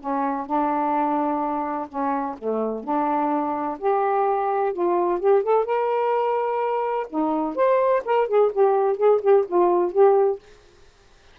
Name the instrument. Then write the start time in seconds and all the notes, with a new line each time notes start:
saxophone
0.00 C#4
0.46 D4
1.89 C#4
2.38 A3
2.84 D4
3.79 G4
4.73 F4
5.20 G4
5.43 A4
5.65 A#4
7.10 D#4
7.55 C5
8.05 A#4
8.28 G#4
8.53 G4
8.97 G#4
9.21 G4
9.48 F4
9.92 G4